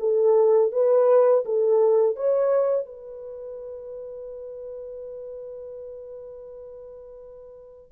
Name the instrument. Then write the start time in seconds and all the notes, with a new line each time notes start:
horn
0.00 A4
0.72 B4
1.46 A4
2.17 C#5
2.86 B4